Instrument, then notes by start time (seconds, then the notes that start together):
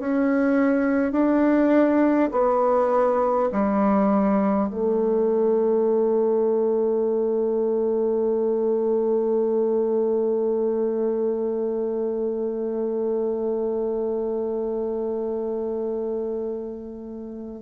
bassoon
0.00 C#4
1.12 D4
2.32 B3
3.52 G3
4.70 A3